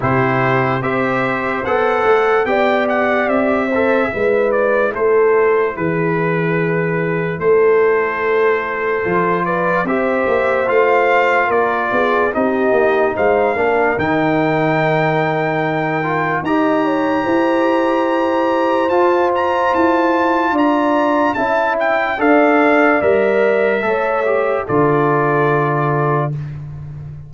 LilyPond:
<<
  \new Staff \with { instrumentName = "trumpet" } { \time 4/4 \tempo 4 = 73 c''4 e''4 fis''4 g''8 fis''8 | e''4. d''8 c''4 b'4~ | b'4 c''2~ c''8 d''8 | e''4 f''4 d''4 dis''4 |
f''4 g''2. | ais''2. a''8 ais''8 | a''4 ais''4 a''8 g''8 f''4 | e''2 d''2 | }
  \new Staff \with { instrumentName = "horn" } { \time 4/4 g'4 c''2 d''4~ | d''8 c''8 b'4 a'4 gis'4~ | gis'4 a'2~ a'8 b'8 | c''2 ais'8 gis'8 g'4 |
c''8 ais'2.~ ais'8 | dis''8 cis''8 c''2.~ | c''4 d''4 e''4 d''4~ | d''4 cis''4 a'2 | }
  \new Staff \with { instrumentName = "trombone" } { \time 4/4 e'4 g'4 a'4 g'4~ | g'8 a'8 e'2.~ | e'2. f'4 | g'4 f'2 dis'4~ |
dis'8 d'8 dis'2~ dis'8 f'8 | g'2. f'4~ | f'2 e'4 a'4 | ais'4 a'8 g'8 f'2 | }
  \new Staff \with { instrumentName = "tuba" } { \time 4/4 c4 c'4 b8 a8 b4 | c'4 gis4 a4 e4~ | e4 a2 f4 | c'8 ais8 a4 ais8 b8 c'8 ais8 |
gis8 ais8 dis2. | dis'4 e'2 f'4 | e'4 d'4 cis'4 d'4 | g4 a4 d2 | }
>>